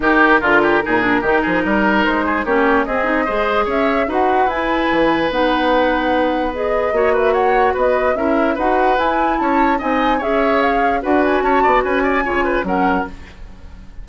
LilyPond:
<<
  \new Staff \with { instrumentName = "flute" } { \time 4/4 \tempo 4 = 147 ais'1~ | ais'4 c''4 cis''4 dis''4~ | dis''4 e''4 fis''4 gis''4~ | gis''4 fis''2. |
dis''4. e''8 fis''4 dis''4 | e''4 fis''4 gis''4 a''4 | gis''4 e''4 f''4 fis''8 gis''8 | a''4 gis''2 fis''4 | }
  \new Staff \with { instrumentName = "oboe" } { \time 4/4 g'4 f'8 g'8 gis'4 g'8 gis'8 | ais'4. gis'8 g'4 gis'4 | c''4 cis''4 b'2~ | b'1~ |
b'4 cis''8 b'8 cis''4 b'4 | ais'4 b'2 cis''4 | dis''4 cis''2 b'4 | cis''8 d''8 b'8 d''8 cis''8 b'8 ais'4 | }
  \new Staff \with { instrumentName = "clarinet" } { \time 4/4 dis'4 f'4 dis'8 d'8 dis'4~ | dis'2 cis'4 c'8 dis'8 | gis'2 fis'4 e'4~ | e'4 dis'2. |
gis'4 fis'2. | e'4 fis'4 e'2 | dis'4 gis'2 fis'4~ | fis'2 f'4 cis'4 | }
  \new Staff \with { instrumentName = "bassoon" } { \time 4/4 dis4 d4 ais,4 dis8 f8 | g4 gis4 ais4 c'4 | gis4 cis'4 dis'4 e'4 | e4 b2.~ |
b4 ais2 b4 | cis'4 dis'4 e'4 cis'4 | c'4 cis'2 d'4 | cis'8 b8 cis'4 cis4 fis4 | }
>>